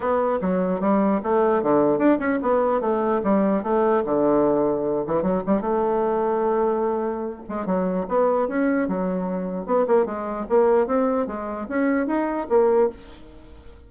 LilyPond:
\new Staff \with { instrumentName = "bassoon" } { \time 4/4 \tempo 4 = 149 b4 fis4 g4 a4 | d4 d'8 cis'8 b4 a4 | g4 a4 d2~ | d8 e8 fis8 g8 a2~ |
a2~ a8 gis8 fis4 | b4 cis'4 fis2 | b8 ais8 gis4 ais4 c'4 | gis4 cis'4 dis'4 ais4 | }